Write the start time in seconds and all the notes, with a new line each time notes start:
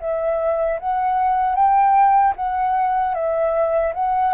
0.00 E5
0.79 F#5
1.55 G5
2.36 F#5
3.14 E5
3.94 F#5